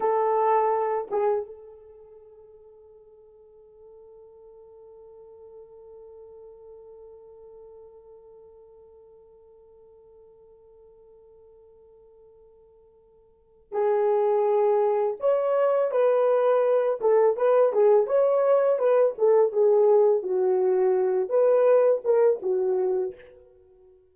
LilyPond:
\new Staff \with { instrumentName = "horn" } { \time 4/4 \tempo 4 = 83 a'4. gis'8 a'2~ | a'1~ | a'1~ | a'1~ |
a'2. gis'4~ | gis'4 cis''4 b'4. a'8 | b'8 gis'8 cis''4 b'8 a'8 gis'4 | fis'4. b'4 ais'8 fis'4 | }